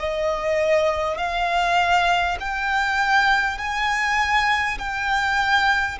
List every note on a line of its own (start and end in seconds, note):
0.00 1.18 D#5
1.18 2.38 F5
2.41 3.58 G5
3.58 4.78 G#5
4.79 5.99 G5